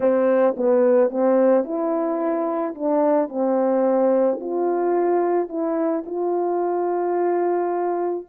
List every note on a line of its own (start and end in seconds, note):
0.00 0.55 C4
0.56 1.10 B3
1.10 1.64 C4
1.64 2.74 E4
2.74 3.29 D4
3.29 4.39 C4
4.40 5.48 F4
5.48 6.04 E4
6.06 8.26 F4